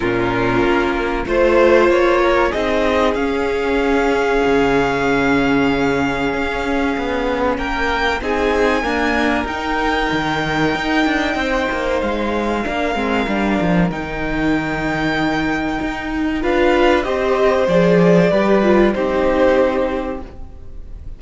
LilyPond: <<
  \new Staff \with { instrumentName = "violin" } { \time 4/4 \tempo 4 = 95 ais'2 c''4 cis''4 | dis''4 f''2.~ | f''1 | g''4 gis''2 g''4~ |
g''2. f''4~ | f''2 g''2~ | g''2 f''4 dis''4 | d''2 c''2 | }
  \new Staff \with { instrumentName = "violin" } { \time 4/4 f'2 c''4. ais'8 | gis'1~ | gis'1 | ais'4 gis'4 ais'2~ |
ais'2 c''2 | ais'1~ | ais'2 b'4 c''4~ | c''4 b'4 g'2 | }
  \new Staff \with { instrumentName = "viola" } { \time 4/4 cis'2 f'2 | dis'4 cis'2.~ | cis'1~ | cis'4 dis'4 ais4 dis'4~ |
dis'1 | d'8 c'8 d'4 dis'2~ | dis'2 f'4 g'4 | gis'4 g'8 f'8 dis'2 | }
  \new Staff \with { instrumentName = "cello" } { \time 4/4 ais,4 ais4 a4 ais4 | c'4 cis'2 cis4~ | cis2 cis'4 b4 | ais4 c'4 d'4 dis'4 |
dis4 dis'8 d'8 c'8 ais8 gis4 | ais8 gis8 g8 f8 dis2~ | dis4 dis'4 d'4 c'4 | f4 g4 c'2 | }
>>